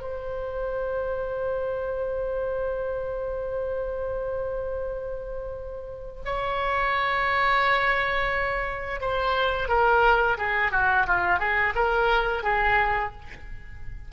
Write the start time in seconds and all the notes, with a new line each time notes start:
0.00 C5
6.25 C#5
9.00 C5
9.68 A#4
10.37 G#4
10.71 F#4
11.06 F4
11.39 G#4
11.75 A#4
12.43 G#4